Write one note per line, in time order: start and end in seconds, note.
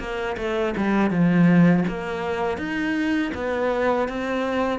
0.00 0.37 A#3
0.38 0.75 A3
0.77 1.11 G3
1.11 1.85 F3
1.89 2.58 A#3
2.58 3.32 D#4
3.35 4.09 B3
4.09 4.80 C4